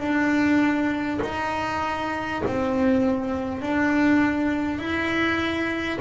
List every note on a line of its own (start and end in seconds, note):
0.00 1.20 D4
1.23 2.43 D#4
2.47 3.62 C4
3.62 4.79 D4
4.79 5.99 E4